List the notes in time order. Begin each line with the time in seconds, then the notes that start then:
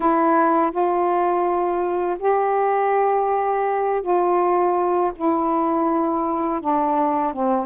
0.00 E4
0.71 F4
2.19 G4
4.02 F4
5.16 E4
6.61 D4
7.33 C4